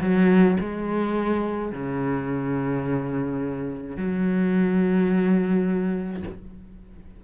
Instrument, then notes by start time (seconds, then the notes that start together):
cello
0.00 F#3
0.60 G#3
1.72 C#3
3.97 F#3